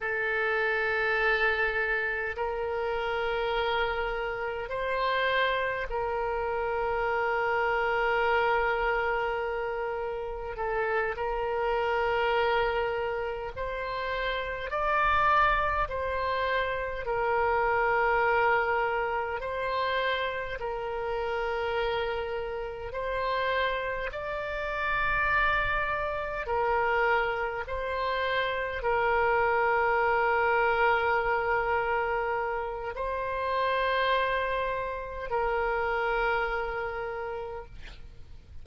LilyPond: \new Staff \with { instrumentName = "oboe" } { \time 4/4 \tempo 4 = 51 a'2 ais'2 | c''4 ais'2.~ | ais'4 a'8 ais'2 c''8~ | c''8 d''4 c''4 ais'4.~ |
ais'8 c''4 ais'2 c''8~ | c''8 d''2 ais'4 c''8~ | c''8 ais'2.~ ais'8 | c''2 ais'2 | }